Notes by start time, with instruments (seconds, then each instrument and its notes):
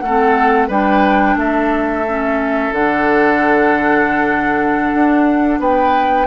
0.00 bassoon A3, oboe A4, flute F#5
0.07 clarinet C4
0.68 bassoon G3, clarinet D4, oboe B4, flute G5
1.36 bassoon A3, oboe A4, flute E5
2.08 clarinet C#4
2.72 bassoon D3, clarinet D4, flute F#5
4.95 bassoon D4
5.60 bassoon B3, oboe B4, flute G5